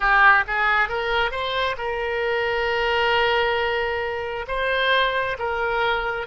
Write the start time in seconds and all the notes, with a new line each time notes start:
0.00 G4
0.47 G#4
0.88 A#4
1.31 C5
1.77 A#4
4.47 C5
5.39 A#4